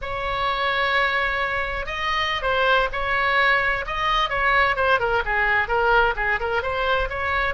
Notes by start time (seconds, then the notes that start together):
0.01 C#5
1.86 D#5
2.42 C5
2.92 C#5
3.86 D#5
4.29 C#5
4.76 C5
4.99 A#4
5.25 G#4
5.68 A#4
6.16 G#4
6.40 A#4
6.62 C5
7.09 C#5